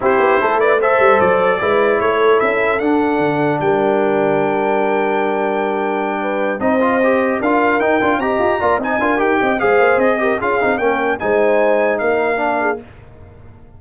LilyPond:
<<
  \new Staff \with { instrumentName = "trumpet" } { \time 4/4 \tempo 4 = 150 c''4. d''8 e''4 d''4~ | d''4 cis''4 e''4 fis''4~ | fis''4 g''2.~ | g''1~ |
g''8 dis''2 f''4 g''8~ | g''8 ais''4. gis''4 g''4 | f''4 dis''4 f''4 g''4 | gis''2 f''2 | }
  \new Staff \with { instrumentName = "horn" } { \time 4/4 g'4 a'8 b'8 c''2 | b'4 a'2.~ | a'4 ais'2.~ | ais'2.~ ais'8 b'8~ |
b'8 c''2 ais'4.~ | ais'8 dis''4 d''8 dis''8 ais'4 dis''8 | c''4. ais'8 gis'4 ais'4 | c''2 ais'4. gis'8 | }
  \new Staff \with { instrumentName = "trombone" } { \time 4/4 e'2 a'2 | e'2. d'4~ | d'1~ | d'1~ |
d'8 dis'8 f'8 g'4 f'4 dis'8 | f'8 g'4 f'8 dis'8 f'8 g'4 | gis'4. g'8 f'8 dis'8 cis'4 | dis'2. d'4 | }
  \new Staff \with { instrumentName = "tuba" } { \time 4/4 c'8 b8 a4. g8 fis4 | gis4 a4 cis'4 d'4 | d4 g2.~ | g1~ |
g8 c'2 d'4 dis'8 | d'8 c'8 f'8 ais8 c'8 d'8 dis'8 c'8 | gis8 ais8 c'4 cis'8 c'8 ais4 | gis2 ais2 | }
>>